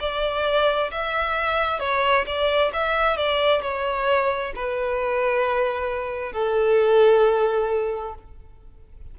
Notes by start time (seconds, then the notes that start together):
0.00 D5
0.91 E5
1.80 C#5
2.26 D5
2.73 E5
3.17 D5
3.62 C#5
4.55 B4
6.32 A4